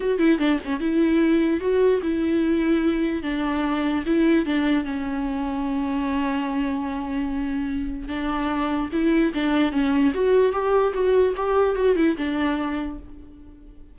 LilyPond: \new Staff \with { instrumentName = "viola" } { \time 4/4 \tempo 4 = 148 fis'8 e'8 d'8 cis'8 e'2 | fis'4 e'2. | d'2 e'4 d'4 | cis'1~ |
cis'1 | d'2 e'4 d'4 | cis'4 fis'4 g'4 fis'4 | g'4 fis'8 e'8 d'2 | }